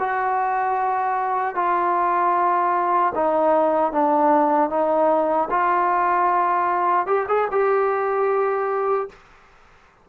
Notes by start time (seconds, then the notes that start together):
0.00 F#4
1.55 F4
3.15 D#4
3.93 D4
4.70 D#4
5.50 F4
7.07 G4
7.28 G#4
7.51 G4